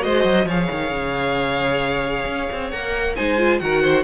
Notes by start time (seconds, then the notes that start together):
0.00 G#3 F#4 C5 D#5
0.24 F#3
0.45 F3 G#4 C#5 F5
0.71 D#3
0.91 C#3
2.25 C#4
2.52 C4
2.71 A#3 A#4 F#5
3.15 G#3 D#4 C5 G#5
3.38 F4
3.59 D#3 F#4 A#4 F#5
3.83 C5